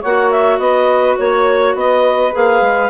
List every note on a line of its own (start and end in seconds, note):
0.00 0.59 A#3
0.00 2.32 F#4
0.00 0.58 C#5
0.00 0.31 F#5
0.31 0.59 E5
0.59 1.16 B3
0.59 1.18 B4
0.59 1.17 D#5
1.18 1.75 A#3
1.18 1.76 C#5
1.75 2.32 B3
1.75 2.89 B4
1.75 2.34 D#5
2.32 2.61 A#3
2.32 2.89 G#4
2.32 2.89 F5
2.61 2.89 G#3